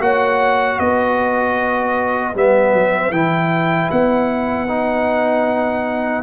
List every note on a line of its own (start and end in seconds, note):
0.00 0.78 A#3
0.00 2.34 F#4
0.00 0.80 C#5
0.00 0.79 F#5
0.79 2.35 B3
0.79 6.23 B4
0.79 2.35 D#5
2.34 2.73 G3
2.34 3.12 B3
2.34 3.12 E5
2.73 3.11 F#3
3.11 3.89 E3
3.11 4.68 E4
3.11 3.90 G5
3.91 6.23 B3
3.91 6.23 F#5
4.68 6.23 D#4